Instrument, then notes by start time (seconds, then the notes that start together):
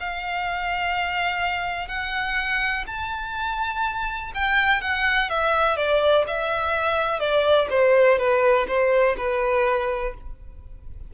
violin
0.00 F5
1.88 F#5
2.87 A5
4.35 G5
4.81 F#5
5.29 E5
5.76 D5
6.27 E5
7.20 D5
7.70 C5
8.18 B4
8.67 C5
9.17 B4